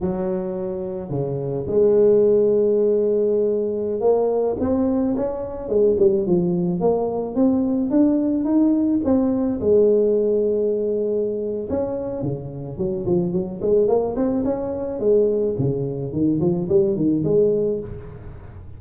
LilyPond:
\new Staff \with { instrumentName = "tuba" } { \time 4/4 \tempo 4 = 108 fis2 cis4 gis4~ | gis2.~ gis16 ais8.~ | ais16 c'4 cis'4 gis8 g8 f8.~ | f16 ais4 c'4 d'4 dis'8.~ |
dis'16 c'4 gis2~ gis8.~ | gis4 cis'4 cis4 fis8 f8 | fis8 gis8 ais8 c'8 cis'4 gis4 | cis4 dis8 f8 g8 dis8 gis4 | }